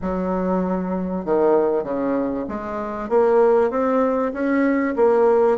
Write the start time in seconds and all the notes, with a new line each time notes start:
0.01 F#3
1.25 D#3
1.83 C#3
2.48 G#3
3.09 A#3
3.70 C4
4.33 C#4
4.96 A#3